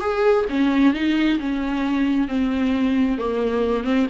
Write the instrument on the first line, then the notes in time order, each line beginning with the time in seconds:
viola
0.00 G#4
0.50 C#4
0.94 D#4
1.39 C#4
2.28 C4
3.18 A#3
3.84 C4